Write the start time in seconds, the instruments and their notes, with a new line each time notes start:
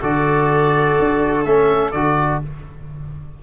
0.00 tuba D3, trombone F#4, viola A4, oboe D5
0.99 tuba D4
1.44 tuba A3, trombone C#4, oboe E5
1.91 tuba D3, trombone F#4, oboe D5